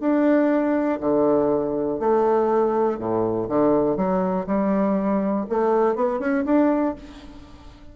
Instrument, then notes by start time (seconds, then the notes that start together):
bassoon
0.00 D4
1.00 D3
1.99 A3
2.98 A2
3.48 D3
3.96 F#3
4.46 G3
5.49 A3
5.95 B3
6.19 C#4
6.45 D4